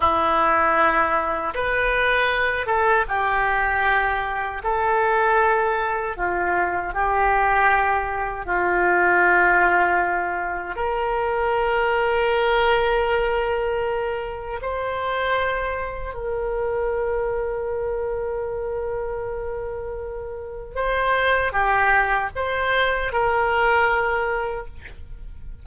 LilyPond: \new Staff \with { instrumentName = "oboe" } { \time 4/4 \tempo 4 = 78 e'2 b'4. a'8 | g'2 a'2 | f'4 g'2 f'4~ | f'2 ais'2~ |
ais'2. c''4~ | c''4 ais'2.~ | ais'2. c''4 | g'4 c''4 ais'2 | }